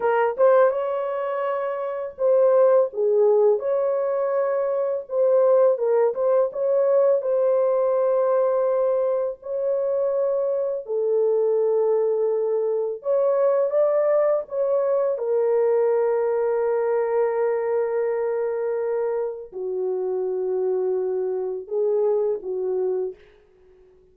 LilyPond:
\new Staff \with { instrumentName = "horn" } { \time 4/4 \tempo 4 = 83 ais'8 c''8 cis''2 c''4 | gis'4 cis''2 c''4 | ais'8 c''8 cis''4 c''2~ | c''4 cis''2 a'4~ |
a'2 cis''4 d''4 | cis''4 ais'2.~ | ais'2. fis'4~ | fis'2 gis'4 fis'4 | }